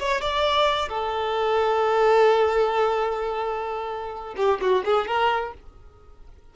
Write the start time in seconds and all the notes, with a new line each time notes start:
0.00 C#5
0.22 D5
0.89 A4
4.37 G4
4.62 F#4
4.85 G#4
5.08 A#4